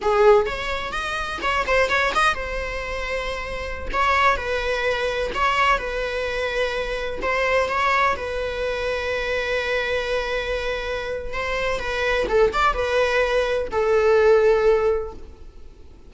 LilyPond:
\new Staff \with { instrumentName = "viola" } { \time 4/4 \tempo 4 = 127 gis'4 cis''4 dis''4 cis''8 c''8 | cis''8 dis''8 c''2.~ | c''16 cis''4 b'2 cis''8.~ | cis''16 b'2. c''8.~ |
c''16 cis''4 b'2~ b'8.~ | b'1 | c''4 b'4 a'8 d''8 b'4~ | b'4 a'2. | }